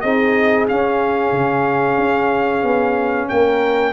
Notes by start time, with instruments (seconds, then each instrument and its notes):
0.00 tuba C4, trombone D#4, horn G#4, trumpet D#5
0.68 trombone C#4, tuba C#4, trumpet F5
1.31 tuba C#3
1.97 tuba C#4
2.62 tuba B3
3.28 tuba A#3, horn A#4, trumpet G5